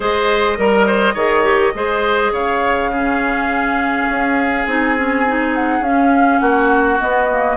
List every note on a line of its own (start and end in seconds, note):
0.00 0.58 G#3
0.00 0.57 G#4
0.00 0.58 C5
0.00 2.34 D#5
0.57 1.14 G3
0.57 1.15 A#4
0.57 0.87 A#4
0.87 1.14 C5
1.14 1.72 D#3
1.14 1.43 G#4
1.14 1.72 C#5
1.43 1.72 G4
1.74 2.31 G#3
1.74 2.91 G#4
1.74 2.32 C5
2.31 4.06 C#3
2.31 2.90 C#5
2.31 4.67 F5
2.91 4.67 C#4
2.91 6.40 G#4
4.09 4.66 C#4
4.66 5.80 C4
4.66 4.96 D#4
4.66 5.54 G#5
4.96 5.25 C#4
5.26 5.83 D#4
5.54 5.83 F#5
5.80 6.38 C#4
5.80 6.99 C#4
5.80 6.38 F5
6.38 6.99 A#3
6.38 7.56 F#4
6.38 6.97 F#5
6.99 7.28 B3
6.99 7.56 B3
6.99 7.56 D#5
7.31 7.56 A#3